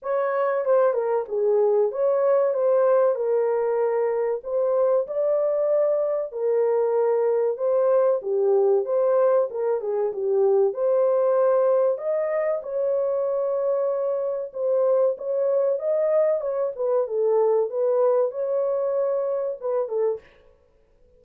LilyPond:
\new Staff \with { instrumentName = "horn" } { \time 4/4 \tempo 4 = 95 cis''4 c''8 ais'8 gis'4 cis''4 | c''4 ais'2 c''4 | d''2 ais'2 | c''4 g'4 c''4 ais'8 gis'8 |
g'4 c''2 dis''4 | cis''2. c''4 | cis''4 dis''4 cis''8 b'8 a'4 | b'4 cis''2 b'8 a'8 | }